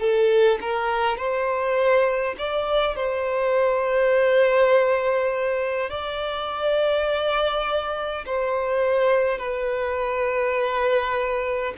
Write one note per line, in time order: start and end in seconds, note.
0.00 0.59 A4
0.61 1.18 A#4
1.18 2.36 C5
2.39 2.96 D5
2.96 5.90 C5
5.90 8.26 D5
8.26 9.39 C5
9.39 11.74 B4